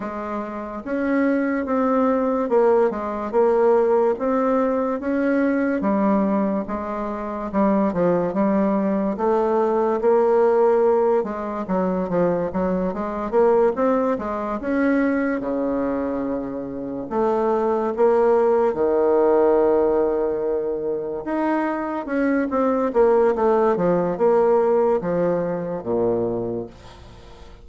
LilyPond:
\new Staff \with { instrumentName = "bassoon" } { \time 4/4 \tempo 4 = 72 gis4 cis'4 c'4 ais8 gis8 | ais4 c'4 cis'4 g4 | gis4 g8 f8 g4 a4 | ais4. gis8 fis8 f8 fis8 gis8 |
ais8 c'8 gis8 cis'4 cis4.~ | cis8 a4 ais4 dis4.~ | dis4. dis'4 cis'8 c'8 ais8 | a8 f8 ais4 f4 ais,4 | }